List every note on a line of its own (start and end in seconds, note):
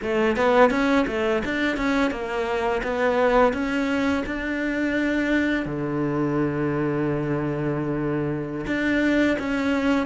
0.02 0.36 A3
0.36 0.70 B3
0.70 1.05 C#4
1.07 1.42 A3
1.44 1.76 D4
1.76 2.10 C#4
2.10 2.81 A#3
2.83 3.53 B3
3.53 4.23 C#4
4.25 5.65 D4
5.65 8.65 D3
8.66 9.37 D4
9.38 10.06 C#4